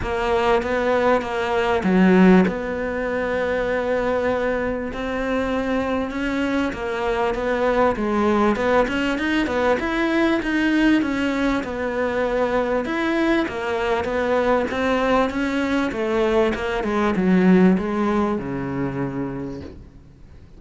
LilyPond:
\new Staff \with { instrumentName = "cello" } { \time 4/4 \tempo 4 = 98 ais4 b4 ais4 fis4 | b1 | c'2 cis'4 ais4 | b4 gis4 b8 cis'8 dis'8 b8 |
e'4 dis'4 cis'4 b4~ | b4 e'4 ais4 b4 | c'4 cis'4 a4 ais8 gis8 | fis4 gis4 cis2 | }